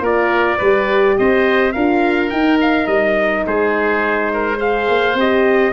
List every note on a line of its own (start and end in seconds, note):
0.00 0.57 A#3
0.00 0.59 F4
0.00 0.58 A#4
0.00 1.18 D5
0.58 1.18 G3
0.58 1.75 G4
0.58 1.15 B4
1.18 1.76 C4
1.18 1.74 C5
1.18 1.72 D#5
1.72 2.32 D4
1.72 2.31 F4
1.72 3.45 A#4
1.72 2.29 F5
2.30 4.57 D#4
2.30 2.87 D#4
2.30 2.58 G5
2.61 2.87 F5
2.87 3.44 G3
2.87 3.44 D#5
3.46 4.89 G#3
3.46 4.32 G#4
3.46 4.60 C5
4.33 4.57 A#4
4.57 5.15 G#4
4.57 5.72 C5
4.57 5.17 F5
4.89 5.14 A#3
5.14 5.71 C4
5.14 5.73 G4
5.14 5.73 D#5